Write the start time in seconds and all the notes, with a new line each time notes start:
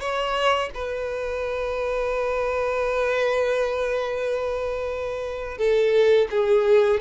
0.00 C#5
0.74 B4
5.58 A4
6.30 G#4